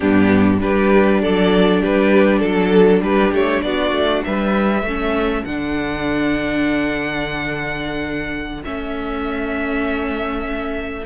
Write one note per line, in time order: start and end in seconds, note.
0.00 0.62 G2
0.00 0.59 B3
0.00 0.58 D4
0.00 0.59 G4
0.59 1.22 G3
0.59 4.83 D4
0.59 1.21 G4
0.59 1.21 B4
1.21 1.83 F#3
1.21 1.81 A4
1.21 1.82 D5
1.81 2.41 G3
1.81 2.41 G4
1.81 2.39 B4
2.39 3.01 F#3
2.39 2.99 A4
2.39 3.02 A4
3.01 3.31 G3
3.01 3.65 G4
3.01 3.33 B4
3.32 3.62 A3
3.32 3.61 C#5
3.61 3.91 B3
3.61 4.26 F#4
3.61 4.22 D5
3.91 4.22 A3
4.24 4.83 G3
4.24 4.86 B4
4.24 5.44 E5
4.83 5.43 A3
4.83 5.46 C#4
4.83 11.06 A4
5.44 8.63 D3
5.44 8.63 D4
5.44 8.62 F#5
8.63 11.06 A3
8.63 11.06 C#4
8.63 11.06 E5